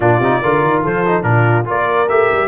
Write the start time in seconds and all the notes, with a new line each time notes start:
0.00 A#2 D4 F4 D5
0.19 C3 D#4
0.41 D3 F4 A#4
0.63 D#3
0.83 F3 A4 C5
1.06 D#4
1.22 A#2 D4 F4 A#4
1.65 A#3 F4 A#4 D5
2.09 A3 G4 E5
2.32 G3